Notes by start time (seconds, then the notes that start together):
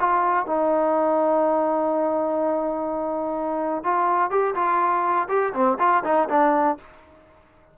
0.00 F4
0.46 D#4
3.84 F4
4.31 G4
4.55 F4
5.29 G4
5.54 C4
5.79 F4
6.04 D#4
6.29 D4